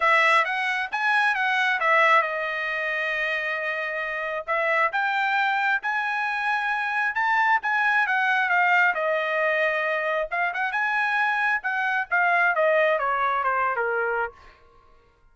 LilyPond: \new Staff \with { instrumentName = "trumpet" } { \time 4/4 \tempo 4 = 134 e''4 fis''4 gis''4 fis''4 | e''4 dis''2.~ | dis''2 e''4 g''4~ | g''4 gis''2. |
a''4 gis''4 fis''4 f''4 | dis''2. f''8 fis''8 | gis''2 fis''4 f''4 | dis''4 cis''4 c''8. ais'4~ ais'16 | }